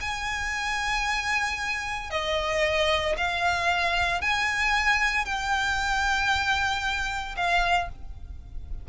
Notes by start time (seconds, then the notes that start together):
0.00 G#5
2.10 D#5
3.17 F5
4.21 G#5
5.25 G5
7.36 F5